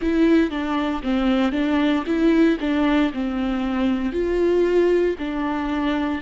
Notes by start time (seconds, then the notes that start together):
0.01 E4
0.50 D4
1.03 C4
1.52 D4
2.06 E4
2.60 D4
3.13 C4
4.12 F4
5.18 D4